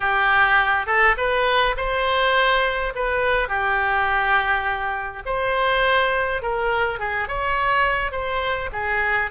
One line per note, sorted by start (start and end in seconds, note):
0.00 0.86 G4
0.86 1.15 A4
1.17 1.75 B4
1.76 2.93 C5
2.95 3.48 B4
3.48 5.23 G4
5.25 6.42 C5
6.42 6.99 A#4
6.99 7.28 G#4
7.28 8.11 C#5
8.11 8.69 C5
8.72 9.30 G#4